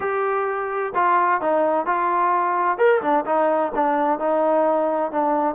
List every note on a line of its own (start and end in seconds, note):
0.00 0.93 G4
0.95 1.41 F4
1.41 1.86 D#4
1.86 2.78 F4
2.78 3.01 A#4
3.01 3.25 D4
3.25 3.72 D#4
3.74 4.19 D4
4.19 5.11 D#4
5.11 5.55 D4